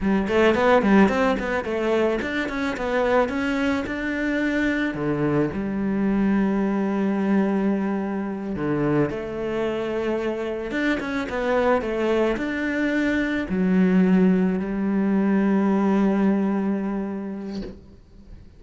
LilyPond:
\new Staff \with { instrumentName = "cello" } { \time 4/4 \tempo 4 = 109 g8 a8 b8 g8 c'8 b8 a4 | d'8 cis'8 b4 cis'4 d'4~ | d'4 d4 g2~ | g2.~ g8 d8~ |
d8 a2. d'8 | cis'8 b4 a4 d'4.~ | d'8 fis2 g4.~ | g1 | }